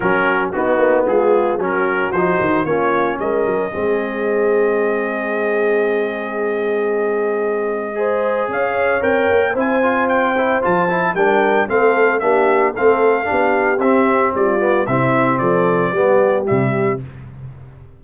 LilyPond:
<<
  \new Staff \with { instrumentName = "trumpet" } { \time 4/4 \tempo 4 = 113 ais'4 fis'4 gis'4 ais'4 | c''4 cis''4 dis''2~ | dis''1~ | dis''1 |
f''4 g''4 gis''4 g''4 | a''4 g''4 f''4 e''4 | f''2 e''4 d''4 | e''4 d''2 e''4 | }
  \new Staff \with { instrumentName = "horn" } { \time 4/4 fis'4 dis'4 f'4 fis'4~ | fis'4 f'4 ais'4 gis'4~ | gis'1~ | gis'2. c''4 |
cis''2 c''2~ | c''4 ais'4 a'4 g'4 | a'4 g'2 f'4 | e'4 a'4 g'2 | }
  \new Staff \with { instrumentName = "trombone" } { \time 4/4 cis'4 b2 cis'4 | dis'4 cis'2 c'4~ | c'1~ | c'2. gis'4~ |
gis'4 ais'4 e'8 f'4 e'8 | f'8 e'8 d'4 c'4 d'4 | c'4 d'4 c'4. b8 | c'2 b4 g4 | }
  \new Staff \with { instrumentName = "tuba" } { \time 4/4 fis4 b8 ais8 gis4 fis4 | f8 dis8 ais4 gis8 fis8 gis4~ | gis1~ | gis1 |
cis'4 c'8 ais8 c'2 | f4 g4 a4 ais4 | a4 b4 c'4 g4 | c4 f4 g4 c4 | }
>>